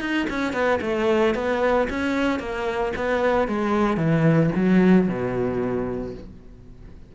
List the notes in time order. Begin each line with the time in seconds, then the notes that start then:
0.00 D#4
0.30 C#4
0.53 B3
0.81 A3
1.34 B3
1.90 C#4
2.39 A#3
2.96 B3
3.48 G#3
3.97 E3
4.55 F#3
5.08 B2